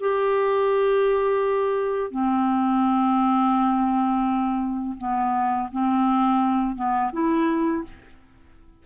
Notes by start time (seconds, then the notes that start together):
0.00 G4
2.11 C4
4.98 B3
5.72 C4
6.76 B3
7.12 E4